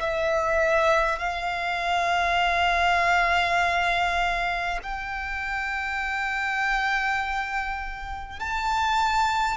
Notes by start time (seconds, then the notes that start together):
0.00 E5
1.18 F5
4.82 G5
8.39 A5